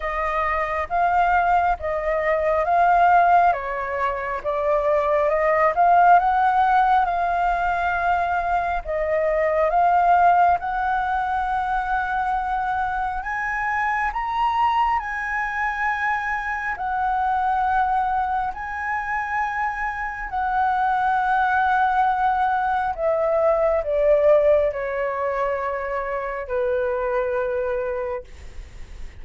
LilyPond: \new Staff \with { instrumentName = "flute" } { \time 4/4 \tempo 4 = 68 dis''4 f''4 dis''4 f''4 | cis''4 d''4 dis''8 f''8 fis''4 | f''2 dis''4 f''4 | fis''2. gis''4 |
ais''4 gis''2 fis''4~ | fis''4 gis''2 fis''4~ | fis''2 e''4 d''4 | cis''2 b'2 | }